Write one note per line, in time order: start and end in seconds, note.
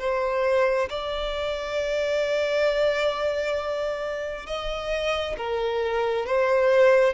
0.00 0.90 C5
0.90 4.47 D5
4.47 5.36 D#5
5.38 6.26 A#4
6.26 7.14 C5